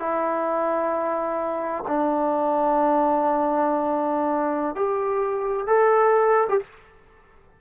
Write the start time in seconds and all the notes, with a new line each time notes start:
0.00 E4
1.88 D4
4.76 G4
5.67 A4
6.49 G4